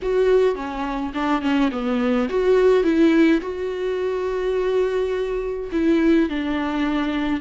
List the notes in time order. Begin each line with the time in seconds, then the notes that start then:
0.02 F#4
0.55 C#4
1.14 D4
1.41 C#4
1.71 B3
2.29 F#4
2.83 E4
3.41 F#4
5.71 E4
6.29 D4